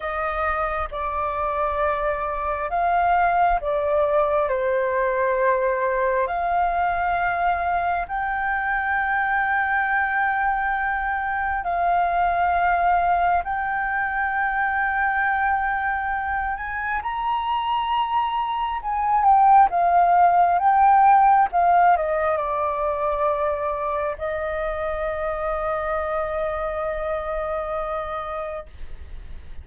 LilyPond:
\new Staff \with { instrumentName = "flute" } { \time 4/4 \tempo 4 = 67 dis''4 d''2 f''4 | d''4 c''2 f''4~ | f''4 g''2.~ | g''4 f''2 g''4~ |
g''2~ g''8 gis''8 ais''4~ | ais''4 gis''8 g''8 f''4 g''4 | f''8 dis''8 d''2 dis''4~ | dis''1 | }